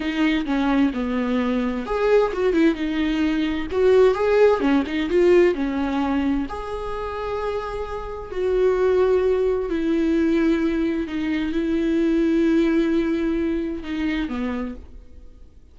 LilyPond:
\new Staff \with { instrumentName = "viola" } { \time 4/4 \tempo 4 = 130 dis'4 cis'4 b2 | gis'4 fis'8 e'8 dis'2 | fis'4 gis'4 cis'8 dis'8 f'4 | cis'2 gis'2~ |
gis'2 fis'2~ | fis'4 e'2. | dis'4 e'2.~ | e'2 dis'4 b4 | }